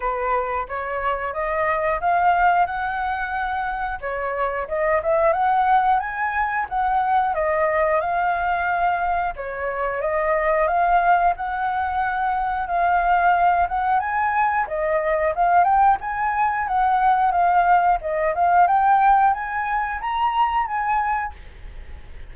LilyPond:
\new Staff \with { instrumentName = "flute" } { \time 4/4 \tempo 4 = 90 b'4 cis''4 dis''4 f''4 | fis''2 cis''4 dis''8 e''8 | fis''4 gis''4 fis''4 dis''4 | f''2 cis''4 dis''4 |
f''4 fis''2 f''4~ | f''8 fis''8 gis''4 dis''4 f''8 g''8 | gis''4 fis''4 f''4 dis''8 f''8 | g''4 gis''4 ais''4 gis''4 | }